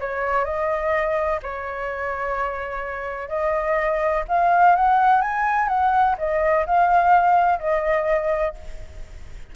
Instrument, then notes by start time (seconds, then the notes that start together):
flute
0.00 C#5
0.44 D#5
1.42 C#5
3.28 D#5
4.28 F5
4.75 F#5
5.21 G#5
5.68 F#5
6.18 D#5
6.66 F5
7.59 D#5